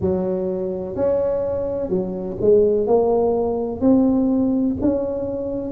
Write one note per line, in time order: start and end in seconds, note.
0.00 0.95 F#3
0.95 1.89 C#4
1.89 2.36 F#3
2.40 2.86 G#3
2.86 3.81 A#3
3.81 4.76 C4
4.81 5.71 C#4